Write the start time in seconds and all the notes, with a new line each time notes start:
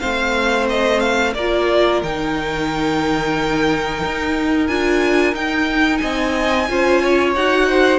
0.00 A3 C4 C5 F5
0.70 D#5
1.00 F5
1.34 A#3 F4 A#4 D5
2.03 D#3 D#4 G5
4.04 D#4
4.67 D4 F4 G#5
5.34 D#4 G5
5.98 C4 D#5 G#5
6.69 C#4 F4 C5
7.02 C#5
7.35 D#4 F#4 F#5
7.69 C5